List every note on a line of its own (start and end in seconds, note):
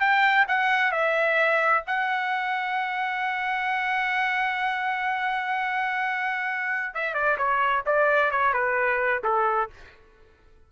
0.00 0.46 G5
0.48 0.91 F#5
0.91 1.84 E5
1.87 6.94 F#5
6.94 7.14 E5
7.14 7.37 D5
7.37 7.84 C#5
7.86 8.31 D5
8.31 8.53 C#5
8.53 9.22 B4
9.24 9.70 A4